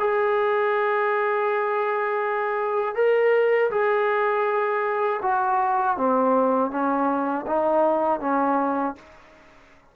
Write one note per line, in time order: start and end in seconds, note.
0.00 2.96 G#4
2.96 3.71 A#4
3.71 5.21 G#4
5.23 5.97 F#4
5.97 6.71 C4
6.71 7.46 C#4
7.47 8.21 D#4
8.21 8.96 C#4